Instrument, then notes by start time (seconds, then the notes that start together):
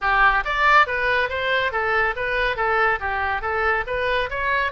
oboe
0.01 G4
0.44 D5
0.86 B4
1.29 C5
1.71 A4
2.15 B4
2.56 A4
3.00 G4
3.41 A4
3.86 B4
4.30 C#5